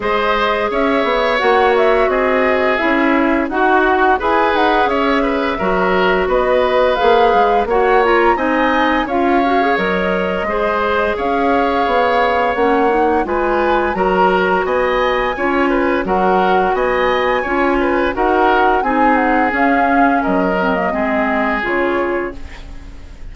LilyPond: <<
  \new Staff \with { instrumentName = "flute" } { \time 4/4 \tempo 4 = 86 dis''4 e''4 fis''8 e''8 dis''4 | e''4 fis''4 gis''8 fis''8 e''4~ | e''4 dis''4 f''4 fis''8 ais''8 | gis''4 f''4 dis''2 |
f''2 fis''4 gis''4 | ais''4 gis''2 fis''4 | gis''2 fis''4 gis''8 fis''8 | f''4 dis''2 cis''4 | }
  \new Staff \with { instrumentName = "oboe" } { \time 4/4 c''4 cis''2 gis'4~ | gis'4 fis'4 b'4 cis''8 b'8 | ais'4 b'2 cis''4 | dis''4 cis''2 c''4 |
cis''2. b'4 | ais'4 dis''4 cis''8 b'8 ais'4 | dis''4 cis''8 b'8 ais'4 gis'4~ | gis'4 ais'4 gis'2 | }
  \new Staff \with { instrumentName = "clarinet" } { \time 4/4 gis'2 fis'2 | e'4 fis'4 gis'2 | fis'2 gis'4 fis'8 f'8 | dis'4 f'8 fis'16 gis'16 ais'4 gis'4~ |
gis'2 cis'8 dis'8 f'4 | fis'2 f'4 fis'4~ | fis'4 f'4 fis'4 dis'4 | cis'4. c'16 ais16 c'4 f'4 | }
  \new Staff \with { instrumentName = "bassoon" } { \time 4/4 gis4 cis'8 b8 ais4 c'4 | cis'4 dis'4 e'8 dis'8 cis'4 | fis4 b4 ais8 gis8 ais4 | c'4 cis'4 fis4 gis4 |
cis'4 b4 ais4 gis4 | fis4 b4 cis'4 fis4 | b4 cis'4 dis'4 c'4 | cis'4 fis4 gis4 cis4 | }
>>